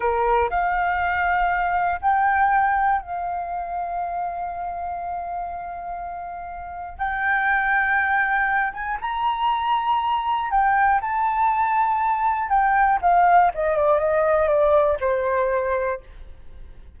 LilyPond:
\new Staff \with { instrumentName = "flute" } { \time 4/4 \tempo 4 = 120 ais'4 f''2. | g''2 f''2~ | f''1~ | f''2 g''2~ |
g''4. gis''8 ais''2~ | ais''4 g''4 a''2~ | a''4 g''4 f''4 dis''8 d''8 | dis''4 d''4 c''2 | }